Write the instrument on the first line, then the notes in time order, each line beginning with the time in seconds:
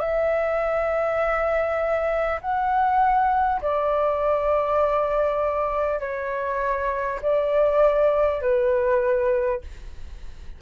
flute
0.00 E5
2.41 F#5
3.62 D5
6.00 C#5
7.22 D5
8.42 B4